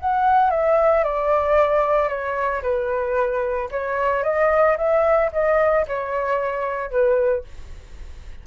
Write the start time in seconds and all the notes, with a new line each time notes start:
0.00 F#5
0.50 E5
1.04 D5
2.09 C#5
2.62 B4
3.71 C#5
4.24 D#5
4.78 E5
5.32 D#5
5.88 C#5
6.91 B4